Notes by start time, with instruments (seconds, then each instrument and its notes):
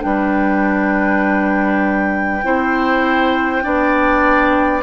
0.00 bassoon G3, clarinet D4, oboe B4, flute G5
2.44 bassoon C4, clarinet E4, oboe C5
3.62 bassoon B3, clarinet D4, oboe D5